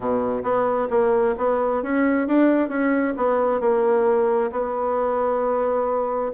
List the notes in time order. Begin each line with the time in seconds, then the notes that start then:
0.00 B2
0.43 B3
0.90 A#3
1.37 B3
1.82 C#4
2.27 D4
2.68 C#4
3.16 B3
3.60 A#3
4.51 B3